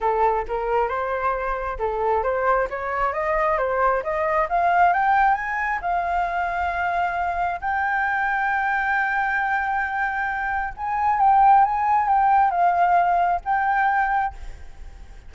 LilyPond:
\new Staff \with { instrumentName = "flute" } { \time 4/4 \tempo 4 = 134 a'4 ais'4 c''2 | a'4 c''4 cis''4 dis''4 | c''4 dis''4 f''4 g''4 | gis''4 f''2.~ |
f''4 g''2.~ | g''1 | gis''4 g''4 gis''4 g''4 | f''2 g''2 | }